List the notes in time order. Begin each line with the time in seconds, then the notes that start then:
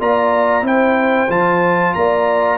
0.00 A#3 F4 D5 A#5
0.63 C4 E4 C5 G5
1.29 F3 F4 A5
1.95 A#3 D5 A#5